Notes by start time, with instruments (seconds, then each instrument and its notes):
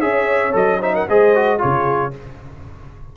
0.00 tuba C#4, trombone G#4, horn C#5, trumpet E5
0.52 tuba F#3, trombone A4, trumpet D#5
0.79 trombone D#4, horn C5, trumpet E5
0.94 horn A#4, trumpet F#5
1.07 tuba G#3, trombone G#4, horn C5, trumpet D#5
1.35 trombone F#4
1.58 tuba C#3, trombone F4, horn G#4, trumpet C#5